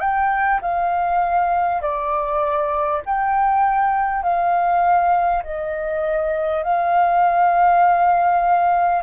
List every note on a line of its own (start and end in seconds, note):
0.00 0.60 G5
0.62 1.81 F5
1.81 3.01 D5
3.05 4.22 G5
4.22 5.42 F5
5.43 6.63 D#5
6.63 9.02 F5